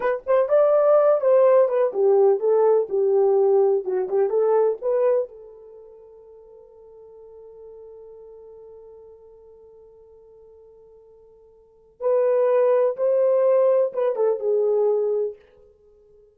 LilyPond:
\new Staff \with { instrumentName = "horn" } { \time 4/4 \tempo 4 = 125 b'8 c''8 d''4. c''4 b'8 | g'4 a'4 g'2 | fis'8 g'8 a'4 b'4 a'4~ | a'1~ |
a'1~ | a'1~ | a'4 b'2 c''4~ | c''4 b'8 a'8 gis'2 | }